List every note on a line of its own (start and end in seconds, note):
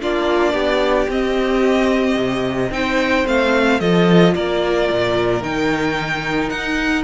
0.00 0.53 A#3
0.00 1.08 D4
0.00 0.53 F4
0.00 1.10 D5
0.53 1.07 B3
0.53 2.69 G4
1.09 2.16 C4
1.09 2.71 C4
1.09 2.72 D#5
2.16 2.70 C3
2.70 3.24 C4
2.70 3.25 D#4
2.70 3.80 C5
2.70 3.26 G5
3.25 3.80 A3
3.25 3.79 C4
3.25 3.80 F5
3.80 4.34 F3
3.80 5.42 F4
3.80 4.34 A4
3.80 4.34 D#5
4.34 4.89 A#3
4.34 7.04 A#4
4.34 5.42 D5
4.89 5.42 A#2
5.42 6.50 D#3
5.42 7.04 D#4
5.42 6.49 G5
6.49 7.04 D#4
6.49 7.03 F#5